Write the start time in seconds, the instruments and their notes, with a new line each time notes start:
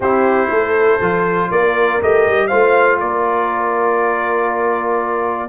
0.00 tuba C4, trombone E4, horn G4, trumpet C5
0.50 tuba A3, horn A4
1.00 tuba F3, trombone F4
1.51 tuba A#3, horn A#4, trumpet D5
2.01 tuba A3, trombone G4, trumpet D#5
2.26 tuba G3
2.47 tuba A3, trombone F4, horn C5, trumpet F5
3.00 tuba A#3, horn A#4, trumpet D5